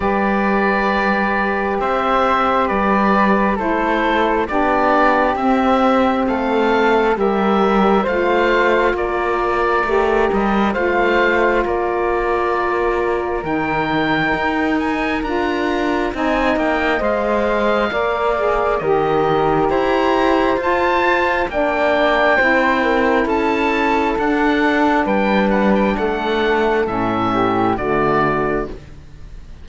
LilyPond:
<<
  \new Staff \with { instrumentName = "oboe" } { \time 4/4 \tempo 4 = 67 d''2 e''4 d''4 | c''4 d''4 e''4 f''4 | e''4 f''4 d''4. dis''8 | f''4 d''2 g''4~ |
g''8 gis''8 ais''4 gis''8 g''8 f''4~ | f''4 dis''4 ais''4 a''4 | g''2 a''4 fis''4 | g''8 fis''16 g''16 fis''4 e''4 d''4 | }
  \new Staff \with { instrumentName = "flute" } { \time 4/4 b'2 c''4 b'4 | a'4 g'2 a'4 | ais'4 c''4 ais'2 | c''4 ais'2.~ |
ais'2 dis''2 | d''4 ais'4 c''2 | d''4 c''8 ais'8 a'2 | b'4 a'4. g'8 fis'4 | }
  \new Staff \with { instrumentName = "saxophone" } { \time 4/4 g'1 | e'4 d'4 c'2 | g'4 f'2 g'4 | f'2. dis'4~ |
dis'4 f'4 dis'4 c''4 | ais'8 gis'8 g'2 f'4 | d'4 e'2 d'4~ | d'2 cis'4 a4 | }
  \new Staff \with { instrumentName = "cello" } { \time 4/4 g2 c'4 g4 | a4 b4 c'4 a4 | g4 a4 ais4 a8 g8 | a4 ais2 dis4 |
dis'4 d'4 c'8 ais8 gis4 | ais4 dis4 e'4 f'4 | ais4 c'4 cis'4 d'4 | g4 a4 a,4 d4 | }
>>